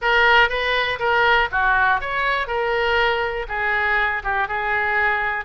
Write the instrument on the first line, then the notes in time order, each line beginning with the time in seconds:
oboe
0.01 A#4
0.49 B4
0.99 A#4
1.51 F#4
2.00 C#5
2.47 A#4
3.48 G#4
4.23 G4
4.48 G#4